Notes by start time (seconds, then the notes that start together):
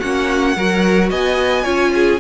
0.00 A#3 C#4 F#4 F#5
0.56 F#3 F#4 A#4
1.10 B3 D#5 G#5
1.64 C#4 F4 C#5
1.94 G#4